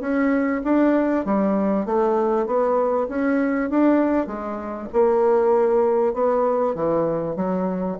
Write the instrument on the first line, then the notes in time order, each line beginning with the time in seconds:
bassoon
0.00 C#4
0.64 D4
1.25 G3
1.85 A3
2.46 B3
3.08 C#4
3.70 D4
4.26 G#3
4.93 A#3
6.13 B3
6.75 E3
7.36 F#3